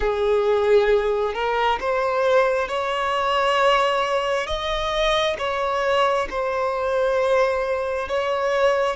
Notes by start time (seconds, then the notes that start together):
0.00 G#4
1.34 A#4
1.80 C5
2.68 C#5
4.47 D#5
5.38 C#5
6.29 C5
8.08 C#5